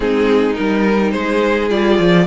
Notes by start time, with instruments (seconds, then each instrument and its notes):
0.00 cello G#3, viola C4, violin D#4 G#4
0.54 cello G3, viola D#4, violin A#4
1.11 cello G#3, violin G#4 C5
1.69 cello G3, viola F4, violin D5
1.98 cello F3